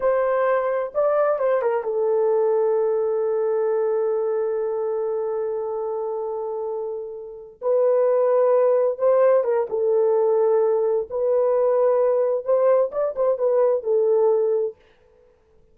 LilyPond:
\new Staff \with { instrumentName = "horn" } { \time 4/4 \tempo 4 = 130 c''2 d''4 c''8 ais'8 | a'1~ | a'1~ | a'1~ |
a'8 b'2. c''8~ | c''8 ais'8 a'2. | b'2. c''4 | d''8 c''8 b'4 a'2 | }